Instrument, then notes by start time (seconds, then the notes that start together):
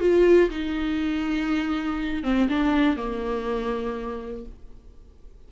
viola
0.00 F4
0.50 D#4
2.23 C4
2.48 D4
2.96 A#3